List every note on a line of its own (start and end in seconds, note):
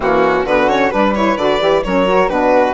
0.00 0.43 E3
0.00 0.45 A#3
0.00 0.44 C#4
0.00 0.46 F#4
0.44 0.90 D3
0.44 0.68 B3
0.44 0.89 F#4
0.44 0.69 B4
0.68 0.91 C#4
0.68 0.91 C#5
0.89 1.36 G3
0.89 1.14 D4
0.89 1.81 B4
0.89 1.14 B4
1.14 1.37 E4
1.14 1.37 C#5
1.36 1.59 D3
1.36 1.59 F#4
1.36 1.83 D5
1.59 1.83 E3
1.59 1.82 G4
1.83 2.29 F#3
1.83 2.06 C#4
1.83 2.29 A#4
1.83 2.29 C#5
2.06 2.29 F#4
2.29 2.73 B2
2.29 2.73 D4
2.29 2.73 F#4
2.29 2.73 B4